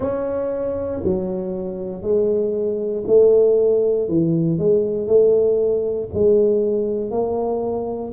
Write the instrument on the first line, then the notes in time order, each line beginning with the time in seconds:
tuba
0.00 C#4
1.03 F#3
2.02 G#3
3.06 A3
4.08 E3
4.58 G#3
5.07 A3
6.13 G#3
7.10 A#3